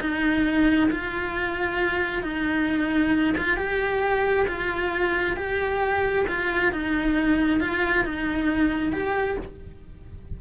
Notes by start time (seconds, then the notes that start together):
0.00 D#4
0.91 F4
2.22 D#4
3.37 F4
3.57 G4
4.47 F4
5.36 G4
6.27 F4
6.72 D#4
7.60 F4
8.04 D#4
8.92 G4